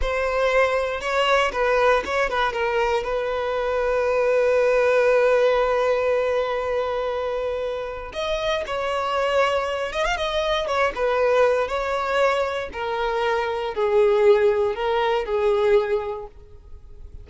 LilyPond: \new Staff \with { instrumentName = "violin" } { \time 4/4 \tempo 4 = 118 c''2 cis''4 b'4 | cis''8 b'8 ais'4 b'2~ | b'1~ | b'1 |
dis''4 cis''2~ cis''8 dis''16 f''16 | dis''4 cis''8 b'4. cis''4~ | cis''4 ais'2 gis'4~ | gis'4 ais'4 gis'2 | }